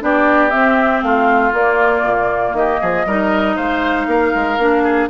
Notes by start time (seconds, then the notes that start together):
0.00 B3 D4 G4 D5
0.50 C4 E5
1.02 A3 F4 F5
1.53 A#3 D5
2.02 A#2
2.53 D#3 G4 D#5
2.81 F3 G#4
3.06 G3 D#4 A#4
3.56 G#3 C5 F5
4.07 A#3 A#4
4.35 G#3
4.58 A#3 D4
4.83 G#4